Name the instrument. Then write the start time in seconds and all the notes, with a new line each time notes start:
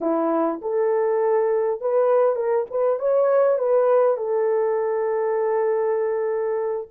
horn
0.00 E4
0.61 A4
1.80 B4
2.35 A#4
2.70 B4
2.99 C#5
3.58 B4
4.17 A4